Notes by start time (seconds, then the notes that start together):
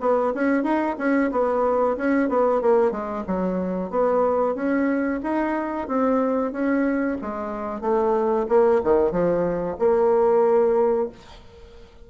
0.00 B3
0.34 C#4
0.63 D#4
0.98 C#4
1.31 B3
1.97 C#4
2.29 B3
2.61 A#3
2.91 G#3
3.27 F#3
3.90 B3
4.54 C#4
5.23 D#4
5.88 C4
6.52 C#4
7.21 G#3
7.81 A3
8.48 A#3
8.83 D#3
9.11 F3
9.79 A#3